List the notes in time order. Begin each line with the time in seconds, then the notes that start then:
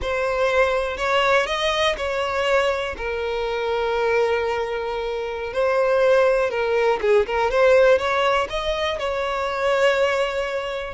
0.01 C5
0.97 C#5
1.46 D#5
1.97 C#5
2.97 A#4
5.53 C5
6.50 A#4
7.01 G#4
7.26 A#4
7.50 C5
7.98 C#5
8.49 D#5
8.98 C#5